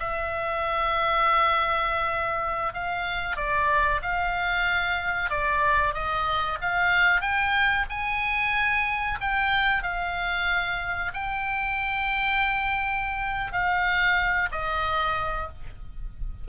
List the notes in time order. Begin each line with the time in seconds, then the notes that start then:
0.00 E5
2.74 F5
3.37 D5
4.02 F5
5.30 D5
5.94 D#5
6.61 F5
7.21 G5
7.90 G#5
9.21 G5
9.83 F5
11.14 G5
13.53 F5
14.52 D#5